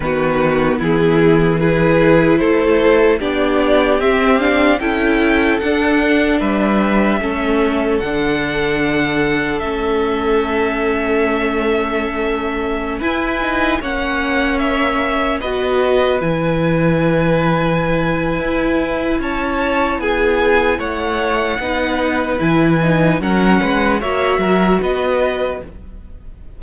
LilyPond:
<<
  \new Staff \with { instrumentName = "violin" } { \time 4/4 \tempo 4 = 75 b'4 gis'4 b'4 c''4 | d''4 e''8 f''8 g''4 fis''4 | e''2 fis''2 | e''1~ |
e''16 gis''4 fis''4 e''4 dis''8.~ | dis''16 gis''2.~ gis''8. | a''4 gis''4 fis''2 | gis''4 fis''4 e''4 dis''4 | }
  \new Staff \with { instrumentName = "violin" } { \time 4/4 fis'4 e'4 gis'4 a'4 | g'2 a'2 | b'4 a'2.~ | a'1~ |
a'16 b'4 cis''2 b'8.~ | b'1 | cis''4 gis'4 cis''4 b'4~ | b'4 ais'8 b'8 cis''8 ais'8 b'4 | }
  \new Staff \with { instrumentName = "viola" } { \time 4/4 b2 e'2 | d'4 c'8 d'8 e'4 d'4~ | d'4 cis'4 d'2 | cis'1~ |
cis'16 e'8 dis'8 cis'2 fis'8.~ | fis'16 e'2.~ e'8.~ | e'2. dis'4 | e'8 dis'8 cis'4 fis'2 | }
  \new Staff \with { instrumentName = "cello" } { \time 4/4 dis4 e2 a4 | b4 c'4 cis'4 d'4 | g4 a4 d2 | a1~ |
a16 e'4 ais2 b8.~ | b16 e2~ e8. e'4 | cis'4 b4 a4 b4 | e4 fis8 gis8 ais8 fis8 b4 | }
>>